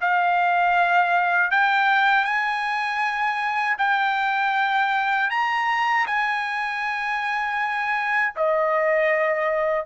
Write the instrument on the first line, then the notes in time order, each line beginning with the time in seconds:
trumpet
0.00 F5
1.51 G5
2.24 G#5
3.78 G5
5.30 A#5
6.06 G#5
8.35 D#5